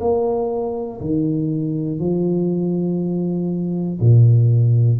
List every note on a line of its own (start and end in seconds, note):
0.00 1.00 A#3
1.01 2.00 D#3
2.00 4.00 F3
4.01 5.00 A#2